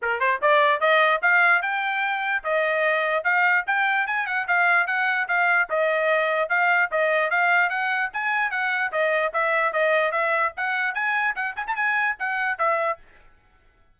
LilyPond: \new Staff \with { instrumentName = "trumpet" } { \time 4/4 \tempo 4 = 148 ais'8 c''8 d''4 dis''4 f''4 | g''2 dis''2 | f''4 g''4 gis''8 fis''8 f''4 | fis''4 f''4 dis''2 |
f''4 dis''4 f''4 fis''4 | gis''4 fis''4 dis''4 e''4 | dis''4 e''4 fis''4 gis''4 | fis''8 gis''16 a''16 gis''4 fis''4 e''4 | }